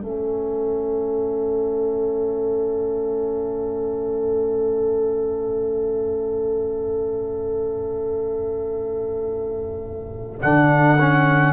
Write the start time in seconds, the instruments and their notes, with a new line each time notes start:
0.00 tuba A3, trombone C#4, horn A4, trumpet E5
10.40 tuba D3, trombone D4, trumpet F#5
10.99 trombone C#4